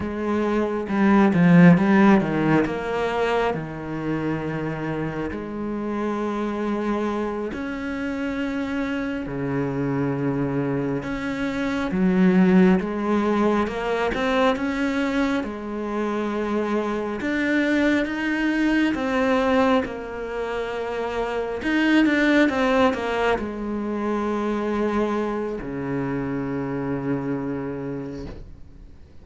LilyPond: \new Staff \with { instrumentName = "cello" } { \time 4/4 \tempo 4 = 68 gis4 g8 f8 g8 dis8 ais4 | dis2 gis2~ | gis8 cis'2 cis4.~ | cis8 cis'4 fis4 gis4 ais8 |
c'8 cis'4 gis2 d'8~ | d'8 dis'4 c'4 ais4.~ | ais8 dis'8 d'8 c'8 ais8 gis4.~ | gis4 cis2. | }